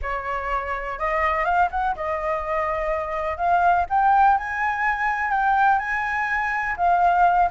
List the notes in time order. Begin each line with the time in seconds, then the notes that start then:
0.02 C#5
0.98 D#5
1.44 F5
1.71 F#5
1.95 D#5
3.37 F5
3.89 G5
4.37 G#5
5.30 G5
5.78 G#5
6.77 F5